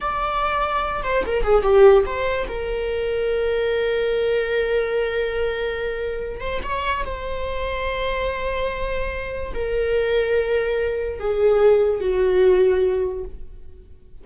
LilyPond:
\new Staff \with { instrumentName = "viola" } { \time 4/4 \tempo 4 = 145 d''2~ d''8 c''8 ais'8 gis'8 | g'4 c''4 ais'2~ | ais'1~ | ais'2.~ ais'8 c''8 |
cis''4 c''2.~ | c''2. ais'4~ | ais'2. gis'4~ | gis'4 fis'2. | }